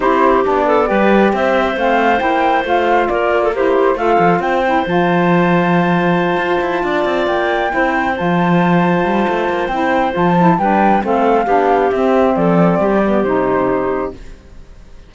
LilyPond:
<<
  \new Staff \with { instrumentName = "flute" } { \time 4/4 \tempo 4 = 136 c''4 d''2 e''4 | f''4 g''4 f''4 d''4 | c''4 f''4 g''4 a''4~ | a''1~ |
a''8 g''2 a''4.~ | a''2 g''4 a''4 | g''4 f''2 e''4 | d''2 c''2 | }
  \new Staff \with { instrumentName = "clarinet" } { \time 4/4 g'4. a'8 b'4 c''4~ | c''2. ais'8. a'16 | g'4 a'4 c''2~ | c''2.~ c''8 d''8~ |
d''4. c''2~ c''8~ | c''1 | b'4 a'4 g'2 | a'4 g'2. | }
  \new Staff \with { instrumentName = "saxophone" } { \time 4/4 e'4 d'4 g'2 | c'4 e'4 f'2 | e'4 f'4. e'8 f'4~ | f'1~ |
f'4. e'4 f'4.~ | f'2 e'4 f'8 e'8 | d'4 c'4 d'4 c'4~ | c'4. b8 dis'2 | }
  \new Staff \with { instrumentName = "cello" } { \time 4/4 c'4 b4 g4 c'4 | a4 ais4 a4 ais4~ | ais4 a8 f8 c'4 f4~ | f2~ f8 f'8 e'8 d'8 |
c'8 ais4 c'4 f4.~ | f8 g8 a8 ais8 c'4 f4 | g4 a4 b4 c'4 | f4 g4 c2 | }
>>